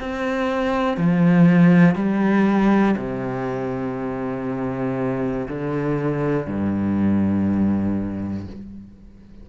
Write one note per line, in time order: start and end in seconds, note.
0.00 0.97 C4
0.97 1.95 F3
1.95 2.95 G3
2.97 5.47 C3
5.48 6.47 D3
6.47 8.47 G2